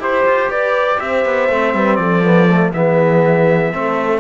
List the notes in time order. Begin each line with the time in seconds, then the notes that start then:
0.00 E4 G4 C5
0.25 F4
0.49 G4 B4 D5
1.00 C4 C5 E5
1.25 B3
1.49 A3 C4
1.74 G3 B4
1.96 F3 A4 D5
2.24 B3
2.50 A3
2.73 E3 B3 G#4 E5
3.72 A3 C4 A4